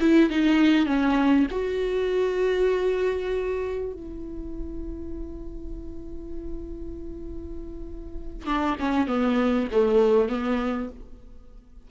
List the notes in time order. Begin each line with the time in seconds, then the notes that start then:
0.00 E4
0.30 D#4
0.86 C#4
1.51 F#4
3.93 E4
8.46 D4
8.80 C#4
9.07 B3
9.72 A3
10.29 B3